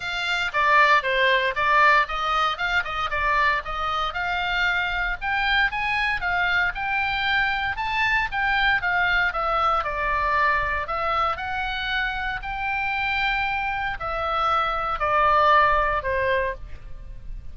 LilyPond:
\new Staff \with { instrumentName = "oboe" } { \time 4/4 \tempo 4 = 116 f''4 d''4 c''4 d''4 | dis''4 f''8 dis''8 d''4 dis''4 | f''2 g''4 gis''4 | f''4 g''2 a''4 |
g''4 f''4 e''4 d''4~ | d''4 e''4 fis''2 | g''2. e''4~ | e''4 d''2 c''4 | }